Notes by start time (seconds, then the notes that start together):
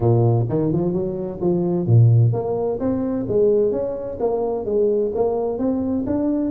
0.00 A#2
0.49 D#3
0.72 F3
0.93 F#3
1.40 F3
1.86 A#2
2.32 A#3
2.79 C4
3.28 G#3
3.71 C#4
4.20 A#3
4.65 G#3
5.14 A#3
5.58 C4
6.06 D4